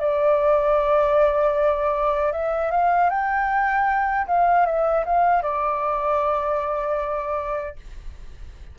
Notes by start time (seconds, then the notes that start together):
0.00 D5
2.32 E5
2.71 F5
3.10 G5
4.27 F5
4.66 E5
5.06 F5
5.43 D5